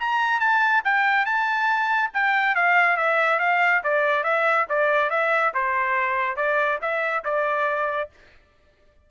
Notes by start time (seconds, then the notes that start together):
0.00 A#5
0.40 A5
0.85 G5
1.26 A5
2.14 G5
2.56 F5
2.97 E5
3.40 F5
3.84 D5
4.24 E5
4.69 D5
5.11 E5
5.55 C5
6.37 D5
6.82 E5
7.25 D5